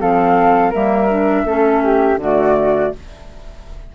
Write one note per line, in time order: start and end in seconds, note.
0.00 0.74 F3
0.00 0.73 C4
0.00 0.70 A4
0.00 0.73 F5
0.70 1.45 G3
0.70 1.09 A#3
0.70 1.43 A#4
0.70 2.20 E5
1.10 1.46 D4
1.45 2.16 A3
1.45 2.20 C#4
1.45 1.83 A4
1.84 2.20 G4
2.16 2.89 D3
2.16 2.95 A3
2.16 2.94 F#4
2.22 2.95 D5